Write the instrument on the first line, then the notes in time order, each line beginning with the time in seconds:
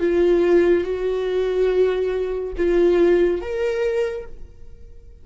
viola
0.00 F4
0.85 F#4
2.57 F4
3.42 A#4